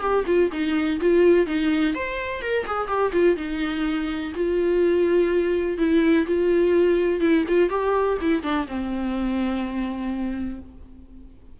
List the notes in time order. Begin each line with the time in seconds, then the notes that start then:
0.00 G4
0.26 F4
0.51 D#4
1.00 F4
1.46 D#4
1.94 C5
2.41 A#4
2.66 G#4
2.87 G4
3.12 F4
3.36 D#4
4.34 F4
5.78 E4
6.26 F4
7.20 E4
7.48 F4
7.69 G4
8.21 E4
8.42 D4
8.67 C4